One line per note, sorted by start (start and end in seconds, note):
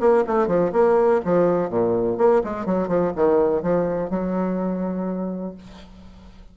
0.00 0.24 A#3
0.27 0.48 A3
0.48 0.72 F3
0.72 1.21 A#3
1.25 1.70 F3
1.70 2.18 A#2
2.18 2.42 A#3
2.44 2.66 G#3
2.66 2.88 F#3
2.88 3.12 F3
3.16 3.63 D#3
3.63 4.10 F3
4.10 5.55 F#3